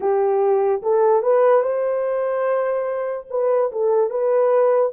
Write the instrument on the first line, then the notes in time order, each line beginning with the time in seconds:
horn
0.00 G4
0.82 A4
1.22 B4
1.62 C5
3.30 B4
3.72 A4
4.09 B4